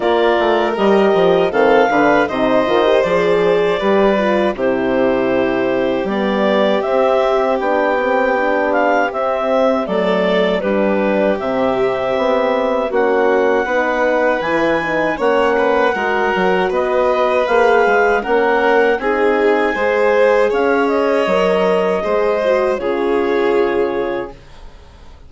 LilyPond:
<<
  \new Staff \with { instrumentName = "clarinet" } { \time 4/4 \tempo 4 = 79 d''4 dis''4 f''4 dis''4 | d''2 c''2 | d''4 e''4 g''4. f''8 | e''4 d''4 b'4 e''4~ |
e''4 fis''2 gis''4 | fis''2 dis''4 f''4 | fis''4 gis''2 f''8 dis''8~ | dis''2 cis''2 | }
  \new Staff \with { instrumentName = "violin" } { \time 4/4 ais'2 a'8 b'8 c''4~ | c''4 b'4 g'2~ | g'1~ | g'4 a'4 g'2~ |
g'4 fis'4 b'2 | cis''8 b'8 ais'4 b'2 | ais'4 gis'4 c''4 cis''4~ | cis''4 c''4 gis'2 | }
  \new Staff \with { instrumentName = "horn" } { \time 4/4 f'4 g'4 c'8 d'8 dis'8 f'16 g'16 | gis'4 g'8 f'8 e'2 | b4 c'4 d'8 c'8 d'4 | c'4 a4 d'4 c'4~ |
c'4 cis'4 dis'4 e'8 dis'8 | cis'4 fis'2 gis'4 | cis'4 dis'4 gis'2 | ais'4 gis'8 fis'8 f'2 | }
  \new Staff \with { instrumentName = "bassoon" } { \time 4/4 ais8 a8 g8 f8 dis8 d8 c8 dis8 | f4 g4 c2 | g4 c'4 b2 | c'4 fis4 g4 c4 |
b4 ais4 b4 e4 | ais4 gis8 fis8 b4 ais8 gis8 | ais4 c'4 gis4 cis'4 | fis4 gis4 cis2 | }
>>